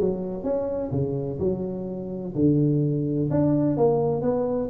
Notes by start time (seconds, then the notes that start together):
0.00 F#3
0.43 C#4
0.91 C#3
1.39 F#3
2.35 D3
3.30 D4
3.77 A#3
4.22 B3